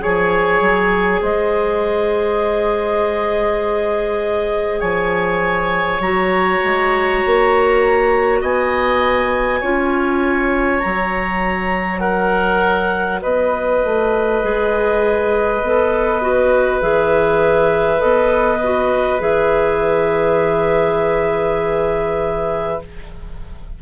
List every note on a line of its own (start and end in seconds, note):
0.00 0.60 F3
0.00 6.00 G#4
0.00 1.22 C#5
0.00 1.22 G#5
0.60 1.21 F#3
1.22 4.82 G#3
1.22 4.80 C5
1.22 4.80 D#5
4.80 6.00 F3
4.80 8.40 C#5
4.80 6.00 G#5
6.00 6.59 F#3
6.00 9.63 F#4
6.00 8.41 A#5
6.64 7.24 G#3
7.26 8.42 A#3
8.41 9.62 B3
8.41 9.60 D#5
8.41 10.80 G#5
9.60 10.82 C#4
9.60 10.82 F4
9.60 12.00 C#5
10.80 13.24 F#3
10.80 14.42 F#4
10.80 12.00 A#5
12.00 13.20 A#4
12.00 13.20 F#5
13.22 13.84 B3
13.22 22.82 B4
13.22 16.82 D#5
13.84 14.43 A3
14.43 15.62 G#3
14.43 15.62 G#4
15.62 16.82 B3
15.62 16.21 A4
16.21 16.82 F#4
16.82 18.02 E3
16.82 17.98 G#4
16.82 18.01 E5
17.98 19.21 B3
17.98 18.58 A4
17.98 19.21 D#5
18.64 19.19 F#4
19.19 22.81 E3
19.19 22.79 G#4
19.19 22.82 E5